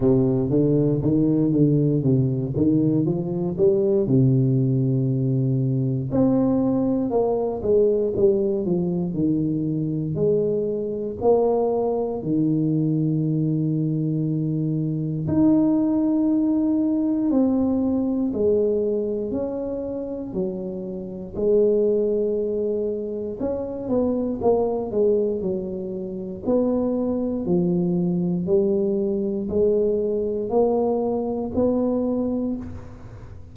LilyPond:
\new Staff \with { instrumentName = "tuba" } { \time 4/4 \tempo 4 = 59 c8 d8 dis8 d8 c8 dis8 f8 g8 | c2 c'4 ais8 gis8 | g8 f8 dis4 gis4 ais4 | dis2. dis'4~ |
dis'4 c'4 gis4 cis'4 | fis4 gis2 cis'8 b8 | ais8 gis8 fis4 b4 f4 | g4 gis4 ais4 b4 | }